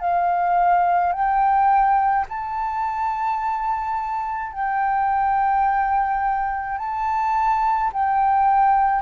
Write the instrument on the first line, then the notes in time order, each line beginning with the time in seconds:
flute
0.00 F5
1.12 G5
2.28 A5
4.52 G5
6.78 A5
7.92 G5